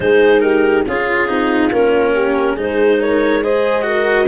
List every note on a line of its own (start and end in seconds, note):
0.00 0.85 G#3
0.00 0.85 D#4
0.00 0.42 G#4
0.00 0.40 C5
0.40 0.85 G4
0.40 0.83 A#4
0.85 1.28 C#4
0.85 2.13 F4
0.85 1.28 F4
0.85 1.71 G#4
1.28 1.71 C4
1.28 1.71 D#4
1.71 2.56 A#3
1.71 2.56 C#4
1.71 2.57 A#4
2.13 2.53 G4
2.53 4.27 G#3
2.53 3.42 D#4
2.53 2.96 G#4
2.53 3.01 C5
3.00 3.43 A#4
3.00 3.43 C#5
3.43 3.82 G#4
3.43 3.86 C5
3.43 4.27 D#5
3.82 4.25 F#4
3.82 4.27 A#4